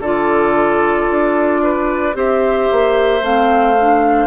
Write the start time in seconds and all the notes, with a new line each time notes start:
0.00 D3 F4 A4 D5
1.10 D4
1.63 B4
2.14 C4 G4 C5 E5
2.71 A#3
3.21 A3 C4 F5
3.80 D4